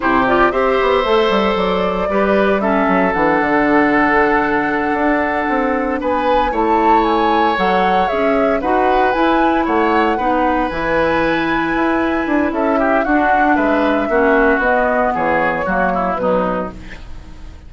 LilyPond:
<<
  \new Staff \with { instrumentName = "flute" } { \time 4/4 \tempo 4 = 115 c''8 d''8 e''2 d''4~ | d''4 e''4 fis''2~ | fis''2.~ fis''8 gis''8~ | gis''8 a''4 gis''4 fis''4 e''8~ |
e''8 fis''4 gis''4 fis''4.~ | fis''8 gis''2.~ gis''8 | e''4 fis''4 e''2 | dis''4 cis''2 b'4 | }
  \new Staff \with { instrumentName = "oboe" } { \time 4/4 g'4 c''2. | b'4 a'2.~ | a'2.~ a'8 b'8~ | b'8 cis''2.~ cis''8~ |
cis''8 b'2 cis''4 b'8~ | b'1 | a'8 g'8 fis'4 b'4 fis'4~ | fis'4 gis'4 fis'8 e'8 dis'4 | }
  \new Staff \with { instrumentName = "clarinet" } { \time 4/4 e'8 f'8 g'4 a'2 | g'4 cis'4 d'2~ | d'1~ | d'8 e'2 a'4 gis'8~ |
gis'8 fis'4 e'2 dis'8~ | dis'8 e'2.~ e'8~ | e'4 d'2 cis'4 | b2 ais4 fis4 | }
  \new Staff \with { instrumentName = "bassoon" } { \time 4/4 c4 c'8 b8 a8 g8 fis4 | g4. fis8 e8 d4.~ | d4. d'4 c'4 b8~ | b8 a2 fis4 cis'8~ |
cis'8 dis'4 e'4 a4 b8~ | b8 e2 e'4 d'8 | cis'4 d'4 gis4 ais4 | b4 e4 fis4 b,4 | }
>>